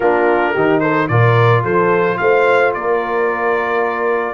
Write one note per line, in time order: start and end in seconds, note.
0.00 0.55 A#3
0.00 0.56 D4
0.00 0.53 F4
0.00 0.79 A#4
0.53 1.09 D#3
0.53 1.10 D#4
0.53 0.80 G4
0.79 1.09 A4
0.79 1.07 C5
1.08 1.63 A#2
1.08 4.34 F4
1.08 1.63 A#4
1.08 1.62 D5
1.63 2.18 F3
1.63 2.17 A4
1.63 2.17 C5
2.17 2.74 A3
2.17 2.73 C5
2.17 2.72 F5
2.73 4.34 A#3
2.73 4.34 A#4
2.73 4.34 D5